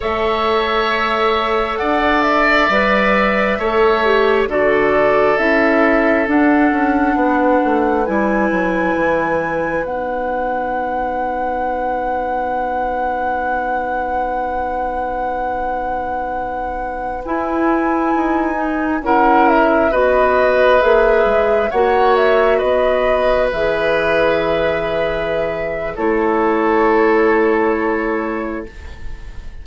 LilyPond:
<<
  \new Staff \with { instrumentName = "flute" } { \time 4/4 \tempo 4 = 67 e''2 fis''8 e''4.~ | e''4 d''4 e''4 fis''4~ | fis''4 gis''2 fis''4~ | fis''1~ |
fis''2.~ fis''16 gis''8.~ | gis''4~ gis''16 fis''8 e''8 dis''4 e''8.~ | e''16 fis''8 e''8 dis''4 e''4.~ e''16~ | e''4 cis''2. | }
  \new Staff \with { instrumentName = "oboe" } { \time 4/4 cis''2 d''2 | cis''4 a'2. | b'1~ | b'1~ |
b'1~ | b'4~ b'16 ais'4 b'4.~ b'16~ | b'16 cis''4 b'2~ b'8.~ | b'4 a'2. | }
  \new Staff \with { instrumentName = "clarinet" } { \time 4/4 a'2. b'4 | a'8 g'8 fis'4 e'4 d'4~ | d'4 e'2 dis'4~ | dis'1~ |
dis'2.~ dis'16 e'8.~ | e'8. dis'8 e'4 fis'4 gis'8.~ | gis'16 fis'2 gis'4.~ gis'16~ | gis'4 e'2. | }
  \new Staff \with { instrumentName = "bassoon" } { \time 4/4 a2 d'4 g4 | a4 d4 cis'4 d'8 cis'8 | b8 a8 g8 fis8 e4 b4~ | b1~ |
b2.~ b16 e'8.~ | e'16 dis'4 cis'4 b4 ais8 gis16~ | gis16 ais4 b4 e4.~ e16~ | e4 a2. | }
>>